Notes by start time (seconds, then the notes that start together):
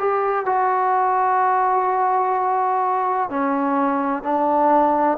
0.00 G4
0.46 F#4
3.30 C#4
4.23 D4